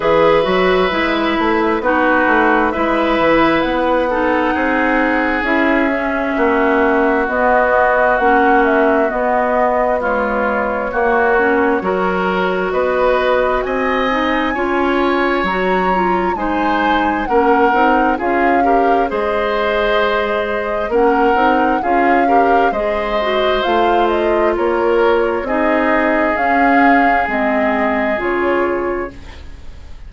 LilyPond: <<
  \new Staff \with { instrumentName = "flute" } { \time 4/4 \tempo 4 = 66 e''2 b'4 e''4 | fis''2 e''2 | dis''4 fis''8 e''8 dis''4 cis''4~ | cis''2 dis''4 gis''4~ |
gis''4 ais''4 gis''4 fis''4 | f''4 dis''2 fis''4 | f''4 dis''4 f''8 dis''8 cis''4 | dis''4 f''4 dis''4 cis''4 | }
  \new Staff \with { instrumentName = "oboe" } { \time 4/4 b'2 fis'4 b'4~ | b'8 a'8 gis'2 fis'4~ | fis'2. f'4 | fis'4 ais'4 b'4 dis''4 |
cis''2 c''4 ais'4 | gis'8 ais'8 c''2 ais'4 | gis'8 ais'8 c''2 ais'4 | gis'1 | }
  \new Staff \with { instrumentName = "clarinet" } { \time 4/4 gis'8 fis'8 e'4 dis'4 e'4~ | e'8 dis'4. e'8 cis'4. | b4 cis'4 b4 gis4 | ais8 cis'8 fis'2~ fis'8 dis'8 |
f'4 fis'8 f'8 dis'4 cis'8 dis'8 | f'8 g'8 gis'2 cis'8 dis'8 | f'8 g'8 gis'8 fis'8 f'2 | dis'4 cis'4 c'4 f'4 | }
  \new Staff \with { instrumentName = "bassoon" } { \time 4/4 e8 fis8 gis8 a8 b8 a8 gis8 e8 | b4 c'4 cis'4 ais4 | b4 ais4 b2 | ais4 fis4 b4 c'4 |
cis'4 fis4 gis4 ais8 c'8 | cis'4 gis2 ais8 c'8 | cis'4 gis4 a4 ais4 | c'4 cis'4 gis4 cis4 | }
>>